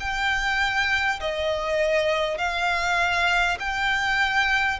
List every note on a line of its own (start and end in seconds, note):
0.00 1.20 G5
1.21 2.38 D#5
2.38 3.58 F5
3.59 4.79 G5